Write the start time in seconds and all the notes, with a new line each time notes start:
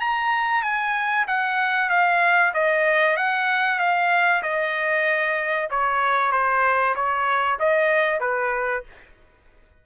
0.00 A#5
0.62 G#5
1.27 F#5
1.89 F5
2.54 D#5
3.16 F#5
3.79 F5
4.42 D#5
5.70 C#5
6.32 C5
6.95 C#5
7.59 D#5
8.20 B4